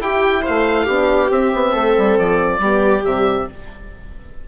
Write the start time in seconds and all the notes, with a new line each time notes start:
0.00 E4 G4 G5
0.42 C5 F5
0.49 A3
0.84 B3 D4 G4
1.30 C4 E5
1.54 B3
1.72 A3 A4
1.97 G3
2.18 F3 D5
2.59 G3 B3 G4
3.02 C3 G3 E5